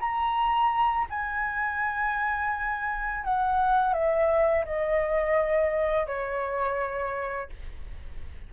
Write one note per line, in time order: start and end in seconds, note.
0.00 1.07 A#5
1.10 3.25 G#5
3.25 3.94 F#5
3.94 4.65 E5
4.66 6.07 D#5
6.07 7.50 C#5